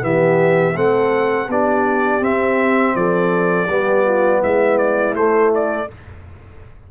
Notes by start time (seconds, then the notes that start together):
0.00 E3 B3 G4 E5
0.74 A3 C4 A4 F#5
1.48 B3 D4 G4 D5
2.20 C4 E5
2.95 F3 A4 D5
3.69 G3 B3 G4
4.04 F4
4.39 G#3 E4 E5
4.77 D5
5.14 A3 C5
5.54 D5